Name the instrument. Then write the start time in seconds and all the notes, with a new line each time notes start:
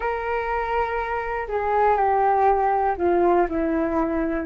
flute
0.00 A#4
1.48 G#4
1.97 G4
2.97 F4
3.49 E4